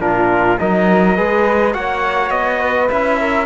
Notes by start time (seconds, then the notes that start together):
0.00 A#2 D4 F4 A#4
0.59 F#3 D#4 A#4 D#5
1.17 G#3 G#4 B4
1.74 A#3 F#4 C#5 F#5
2.31 B3 D#5
2.61 B4
2.90 C#4 E4 E5
3.21 A#4